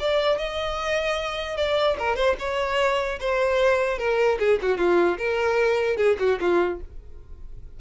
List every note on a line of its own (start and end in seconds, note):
0.00 0.38 D5
0.38 1.57 D#5
1.57 1.97 D5
1.99 2.16 A#4
2.16 2.36 C5
2.40 3.20 C#5
3.20 3.99 C5
3.99 4.39 A#4
4.40 4.60 G#4
4.62 4.78 F#4
4.78 5.18 F4
5.19 5.97 A#4
5.97 6.17 G#4
6.19 6.39 F#4
6.41 6.81 F4